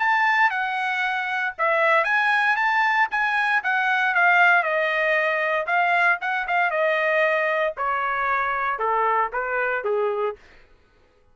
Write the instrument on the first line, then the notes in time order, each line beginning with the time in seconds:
trumpet
0.00 A5
0.51 F#5
1.59 E5
2.05 G#5
2.57 A5
3.11 G#5
3.64 F#5
4.15 F5
4.63 D#5
5.67 F5
6.21 F#5
6.48 F5
6.71 D#5
7.77 C#5
8.79 A4
9.33 B4
9.85 G#4